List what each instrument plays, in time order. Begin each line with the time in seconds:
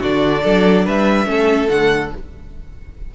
0.00 cello D3, viola D4, violin F#4 D5
0.43 cello F#3, violin A4
0.85 cello G3, violin B4 E5
1.26 cello A3, viola C#4, violin A4
1.69 cello D3, viola A3, violin F#5